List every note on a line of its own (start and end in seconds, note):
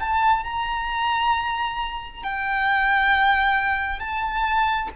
0.00 0.44 A5
0.44 2.23 A#5
2.23 3.99 G5
3.99 4.89 A5